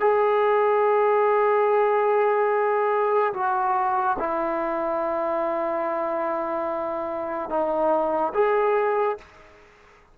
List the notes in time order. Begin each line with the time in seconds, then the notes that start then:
0.00 G#4
3.34 F#4
4.19 E4
7.50 D#4
8.34 G#4